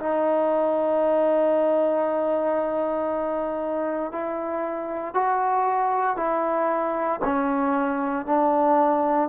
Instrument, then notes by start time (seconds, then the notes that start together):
trombone
0.00 D#4
4.12 E4
5.15 F#4
6.17 E4
7.25 C#4
8.26 D4